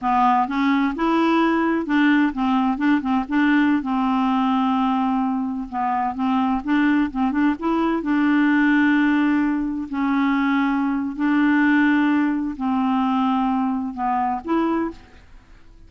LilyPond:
\new Staff \with { instrumentName = "clarinet" } { \time 4/4 \tempo 4 = 129 b4 cis'4 e'2 | d'4 c'4 d'8 c'8 d'4~ | d'16 c'2.~ c'8.~ | c'16 b4 c'4 d'4 c'8 d'16~ |
d'16 e'4 d'2~ d'8.~ | d'4~ d'16 cis'2~ cis'8. | d'2. c'4~ | c'2 b4 e'4 | }